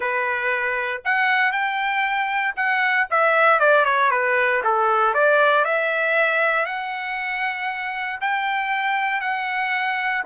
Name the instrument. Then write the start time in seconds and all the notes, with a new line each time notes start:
trumpet
0.00 B4
1.04 F#5
1.52 G5
2.56 F#5
3.10 E5
3.59 D5
3.85 C#5
4.10 B4
4.64 A4
5.14 D5
5.64 E5
6.65 F#5
8.21 G5
9.21 F#5